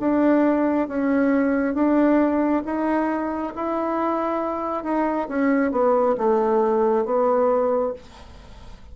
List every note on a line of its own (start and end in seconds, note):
0.00 0.88 D4
0.88 1.74 C#4
1.74 2.63 D4
2.65 3.53 D#4
3.56 4.84 E4
4.84 5.28 D#4
5.29 5.72 C#4
5.72 6.16 B3
6.18 7.05 A3
7.05 7.94 B3